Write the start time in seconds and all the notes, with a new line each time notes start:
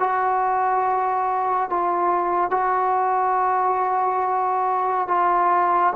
0.00 F#4
1.71 F4
2.51 F#4
5.08 F4